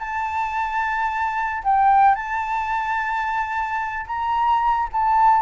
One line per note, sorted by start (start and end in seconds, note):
0.00 1.64 A5
1.64 2.16 G5
2.16 4.07 A5
4.07 4.89 A#5
4.93 5.42 A5